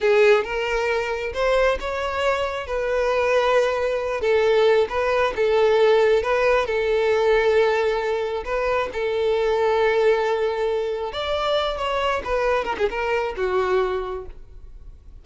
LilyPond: \new Staff \with { instrumentName = "violin" } { \time 4/4 \tempo 4 = 135 gis'4 ais'2 c''4 | cis''2 b'2~ | b'4. a'4. b'4 | a'2 b'4 a'4~ |
a'2. b'4 | a'1~ | a'4 d''4. cis''4 b'8~ | b'8 ais'16 gis'16 ais'4 fis'2 | }